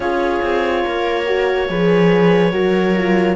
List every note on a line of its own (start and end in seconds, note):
0.00 0.40 C#4
0.00 1.26 F4
0.00 0.84 G#4
0.00 3.36 C#5
0.42 0.84 C4
0.84 1.69 A#3
0.84 1.69 A#4
1.26 1.68 F#4
1.69 2.52 F3
1.69 2.52 G#4
1.69 2.53 B4
2.52 3.36 F#3
2.52 2.94 F#4
2.52 3.36 A#4
2.95 3.36 F4